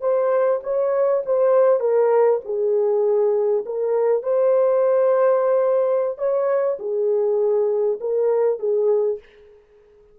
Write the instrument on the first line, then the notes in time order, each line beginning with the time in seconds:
horn
0.00 C5
0.63 C#5
1.25 C5
1.80 A#4
2.44 G#4
3.65 A#4
4.22 C5
6.18 C#5
6.79 G#4
8.00 A#4
8.59 G#4